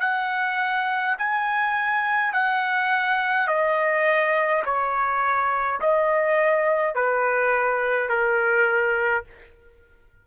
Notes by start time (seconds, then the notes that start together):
0.00 F#5
1.18 G#5
2.33 F#5
3.48 D#5
4.65 C#5
5.81 D#5
6.95 B4
8.09 A#4